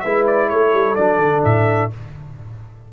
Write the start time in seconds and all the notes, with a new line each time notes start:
0.00 G#3 E4 B4 E5
0.27 D5
0.49 A3 A4 C#5
0.73 G3
0.95 F#3 D4 D5
1.18 D3
1.44 A2 E5